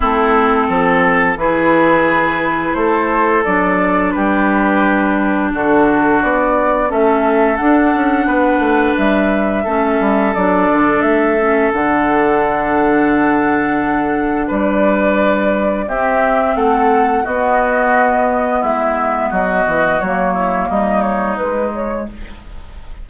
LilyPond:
<<
  \new Staff \with { instrumentName = "flute" } { \time 4/4 \tempo 4 = 87 a'2 b'2 | c''4 d''4 b'2 | a'4 d''4 e''4 fis''4~ | fis''4 e''2 d''4 |
e''4 fis''2.~ | fis''4 d''2 e''4 | fis''4 dis''2 e''4 | dis''4 cis''4 dis''8 cis''8 b'8 cis''8 | }
  \new Staff \with { instrumentName = "oboe" } { \time 4/4 e'4 a'4 gis'2 | a'2 g'2 | fis'2 a'2 | b'2 a'2~ |
a'1~ | a'4 b'2 g'4 | a'4 fis'2 e'4 | fis'4. e'8 dis'2 | }
  \new Staff \with { instrumentName = "clarinet" } { \time 4/4 c'2 e'2~ | e'4 d'2.~ | d'2 cis'4 d'4~ | d'2 cis'4 d'4~ |
d'8 cis'8 d'2.~ | d'2. c'4~ | c'4 b2.~ | b4 ais2 gis4 | }
  \new Staff \with { instrumentName = "bassoon" } { \time 4/4 a4 f4 e2 | a4 fis4 g2 | d4 b4 a4 d'8 cis'8 | b8 a8 g4 a8 g8 fis8 d8 |
a4 d2.~ | d4 g2 c'4 | a4 b2 gis4 | fis8 e8 fis4 g4 gis4 | }
>>